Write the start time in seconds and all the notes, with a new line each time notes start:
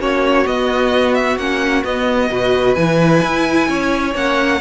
0.00 A#3 C#4 F#4 C#5
0.46 B3 D#5
1.15 E5
1.38 A#3 C#4 F#5
1.84 B3 D#5
2.31 B2 F#4 B4
2.75 E3 E4 G#5
3.23 E4
3.69 C#4 C#5
4.14 A#3 C#4 F#5